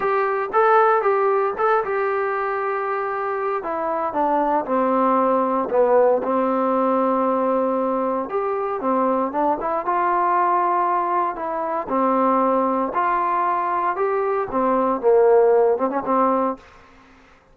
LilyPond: \new Staff \with { instrumentName = "trombone" } { \time 4/4 \tempo 4 = 116 g'4 a'4 g'4 a'8 g'8~ | g'2. e'4 | d'4 c'2 b4 | c'1 |
g'4 c'4 d'8 e'8 f'4~ | f'2 e'4 c'4~ | c'4 f'2 g'4 | c'4 ais4. c'16 cis'16 c'4 | }